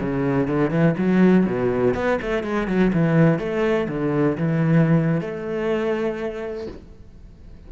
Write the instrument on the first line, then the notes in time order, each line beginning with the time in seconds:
cello
0.00 C#3
0.47 D3
0.70 E3
0.98 F#3
1.45 B2
1.94 B3
2.21 A3
2.43 G#3
2.67 F#3
2.93 E3
3.39 A3
3.88 D3
4.37 E3
5.21 A3